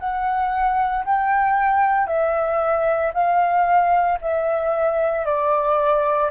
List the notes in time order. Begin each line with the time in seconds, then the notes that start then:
0.00 F#5
1.06 G5
2.08 E5
3.14 F5
4.22 E5
5.26 D5